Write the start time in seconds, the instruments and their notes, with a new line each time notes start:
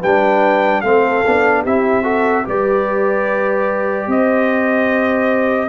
0.00 tuba G3, trombone D4, horn B4, trumpet G5
0.82 tuba A3, trombone C4, horn A4, trumpet F5
1.26 tuba B3, trombone D4
1.63 tuba C4, trombone E4, horn G4, trumpet E5
2.03 trombone F#4, horn A4
2.45 tuba G3, trombone G4, horn B4, trumpet D5
4.07 tuba C4, horn C5, trumpet D#5